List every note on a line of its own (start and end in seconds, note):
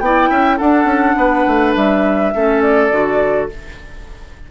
0.00 0.29 B3
0.00 0.60 E4
0.00 0.30 D5
0.00 0.58 G5
0.30 0.60 C#4
0.30 0.57 E5
0.57 2.34 D4
0.57 0.85 D4
0.57 1.16 A4
0.57 1.75 F#5
0.85 1.14 C#4
1.17 1.46 B3
1.17 2.34 B4
1.47 1.76 A3
1.76 2.34 G3
1.76 2.62 E5
2.34 2.92 A3
2.34 2.91 C#4
2.34 3.51 A4
2.62 3.50 D5
2.91 3.50 D3
2.91 3.50 F#4